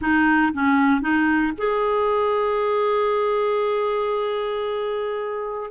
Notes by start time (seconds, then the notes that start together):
0.01 D#4
0.53 C#4
1.01 D#4
1.57 G#4